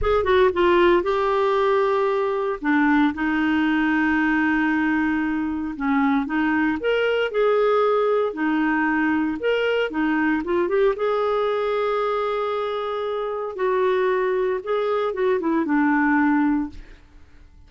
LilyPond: \new Staff \with { instrumentName = "clarinet" } { \time 4/4 \tempo 4 = 115 gis'8 fis'8 f'4 g'2~ | g'4 d'4 dis'2~ | dis'2. cis'4 | dis'4 ais'4 gis'2 |
dis'2 ais'4 dis'4 | f'8 g'8 gis'2.~ | gis'2 fis'2 | gis'4 fis'8 e'8 d'2 | }